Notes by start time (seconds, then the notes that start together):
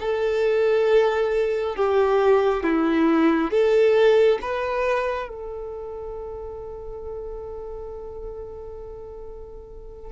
0.00 A4
1.76 G4
2.63 E4
3.51 A4
4.42 B4
5.29 A4